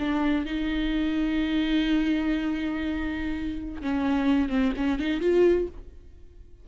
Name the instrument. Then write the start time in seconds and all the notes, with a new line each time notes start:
viola
0.00 D4
0.46 D#4
3.82 C#4
4.50 C4
4.77 C#4
4.99 D#4
5.21 F4